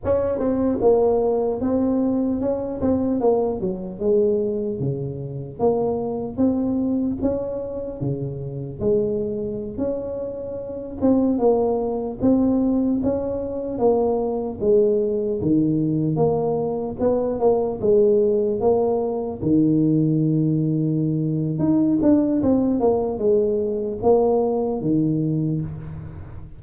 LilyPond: \new Staff \with { instrumentName = "tuba" } { \time 4/4 \tempo 4 = 75 cis'8 c'8 ais4 c'4 cis'8 c'8 | ais8 fis8 gis4 cis4 ais4 | c'4 cis'4 cis4 gis4~ | gis16 cis'4. c'8 ais4 c'8.~ |
c'16 cis'4 ais4 gis4 dis8.~ | dis16 ais4 b8 ais8 gis4 ais8.~ | ais16 dis2~ dis8. dis'8 d'8 | c'8 ais8 gis4 ais4 dis4 | }